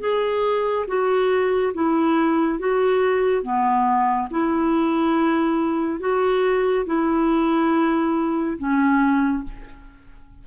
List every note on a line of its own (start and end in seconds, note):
0.00 0.86 G#4
0.88 1.73 F#4
1.74 2.59 E4
2.59 3.43 F#4
3.43 4.29 B3
4.31 6.00 E4
6.00 6.85 F#4
6.86 8.58 E4
8.58 9.44 C#4